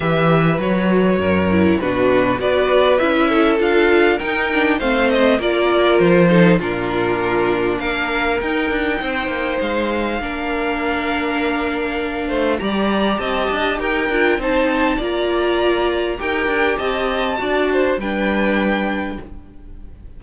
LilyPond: <<
  \new Staff \with { instrumentName = "violin" } { \time 4/4 \tempo 4 = 100 e''4 cis''2 b'4 | d''4 e''4 f''4 g''4 | f''8 dis''8 d''4 c''4 ais'4~ | ais'4 f''4 g''2 |
f''1~ | f''4 ais''4 a''4 g''4 | a''4 ais''2 g''4 | a''2 g''2 | }
  \new Staff \with { instrumentName = "violin" } { \time 4/4 b'2 ais'4 fis'4 | b'4. a'4. ais'4 | c''4 ais'4. a'8 f'4~ | f'4 ais'2 c''4~ |
c''4 ais'2.~ | ais'8 c''8 d''4 dis''4 ais'4 | c''4 d''2 ais'4 | dis''4 d''8 c''8 b'2 | }
  \new Staff \with { instrumentName = "viola" } { \time 4/4 g'4 fis'4. e'8 d'4 | fis'4 e'4 f'4 dis'8 d'8 | c'4 f'4. dis'8 d'4~ | d'2 dis'2~ |
dis'4 d'2.~ | d'4 g'2~ g'8 f'8 | dis'4 f'2 g'4~ | g'4 fis'4 d'2 | }
  \new Staff \with { instrumentName = "cello" } { \time 4/4 e4 fis4 fis,4 b,4 | b4 cis'4 d'4 dis'4 | a4 ais4 f4 ais,4~ | ais,4 ais4 dis'8 d'8 c'8 ais8 |
gis4 ais2.~ | ais8 a8 g4 c'8 d'8 dis'8 d'8 | c'4 ais2 dis'8 d'8 | c'4 d'4 g2 | }
>>